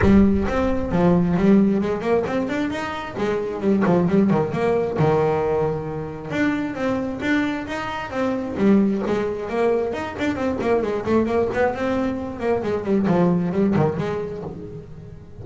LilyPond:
\new Staff \with { instrumentName = "double bass" } { \time 4/4 \tempo 4 = 133 g4 c'4 f4 g4 | gis8 ais8 c'8 d'8 dis'4 gis4 | g8 f8 g8 dis8 ais4 dis4~ | dis2 d'4 c'4 |
d'4 dis'4 c'4 g4 | gis4 ais4 dis'8 d'8 c'8 ais8 | gis8 a8 ais8 b8 c'4. ais8 | gis8 g8 f4 g8 dis8 gis4 | }